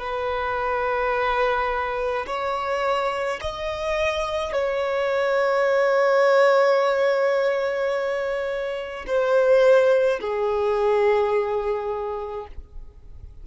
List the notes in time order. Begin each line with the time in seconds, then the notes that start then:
0.00 B4
2.27 C#5
3.41 D#5
4.53 C#5
9.07 C5
10.21 G#4